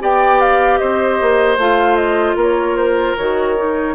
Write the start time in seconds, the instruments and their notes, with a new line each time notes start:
0.00 bassoon B3, clarinet G4, oboe D5, flute G5
0.41 flute F5
0.78 bassoon C4, oboe C5, flute D#5
1.21 bassoon A#3
1.58 bassoon A3, clarinet F4, flute F5
1.96 flute D#5
2.36 bassoon A#3, oboe A#4, flute C#5
2.77 flute C5
3.17 bassoon D#3, clarinet F#4, flute C#5
3.57 clarinet D#4